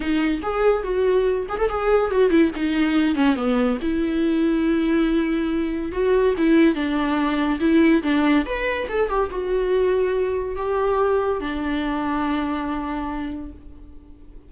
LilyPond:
\new Staff \with { instrumentName = "viola" } { \time 4/4 \tempo 4 = 142 dis'4 gis'4 fis'4. gis'16 a'16 | gis'4 fis'8 e'8 dis'4. cis'8 | b4 e'2.~ | e'2 fis'4 e'4 |
d'2 e'4 d'4 | b'4 a'8 g'8 fis'2~ | fis'4 g'2 d'4~ | d'1 | }